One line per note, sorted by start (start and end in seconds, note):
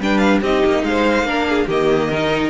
0.00 0.42 G3
0.00 0.44 D4
0.00 0.42 B4
0.00 0.18 G5
0.18 0.39 F5
0.42 0.63 C4
0.42 1.26 D#4
0.42 0.84 G4
0.42 0.84 D#5
0.66 0.83 A#3
0.83 1.23 G#3
0.83 1.27 C5
0.83 1.68 F5
1.23 1.65 A#3
1.23 1.68 D4
1.23 1.48 A#4
1.49 1.67 G#4
1.67 2.50 D#3
1.67 2.12 A#3
1.67 2.09 G4
1.67 2.50 D#5
2.09 2.50 D#4
2.09 2.50 A#4